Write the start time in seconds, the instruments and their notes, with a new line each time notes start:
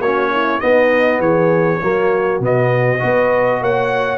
0.00 tuba A#3, trombone C#4, horn F#4, trumpet C#5
0.32 horn E4
0.60 trombone B3, tuba B3, horn D#4, trumpet D#5
1.20 tuba E3, horn G#4, trumpet C#5
1.81 tuba F#3, trombone A#3, horn F#4
2.40 tuba B2, trombone B3, trumpet D#5
2.99 tuba B3, trombone F#4, horn B4
3.61 tuba A#3, horn C#5, trumpet F#5